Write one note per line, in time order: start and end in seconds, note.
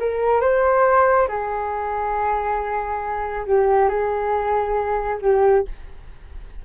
0.00 0.41 A#4
0.41 1.28 C5
1.28 3.46 G#4
3.47 3.89 G4
3.89 5.19 G#4
5.22 5.66 G4